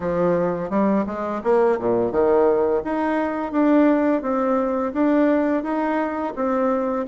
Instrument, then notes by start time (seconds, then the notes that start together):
bassoon
0.00 F3
0.70 G3
1.06 G#3
1.43 A#3
1.79 A#2
2.11 D#3
2.84 D#4
3.51 D4
4.22 C4
4.93 D4
5.63 D#4
6.35 C4